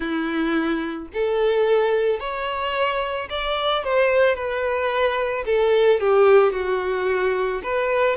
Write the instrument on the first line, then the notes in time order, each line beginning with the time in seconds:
violin
0.00 E4
1.13 A4
2.19 C#5
3.29 D5
3.84 C5
4.35 B4
5.45 A4
6.00 G4
6.52 F#4
7.63 B4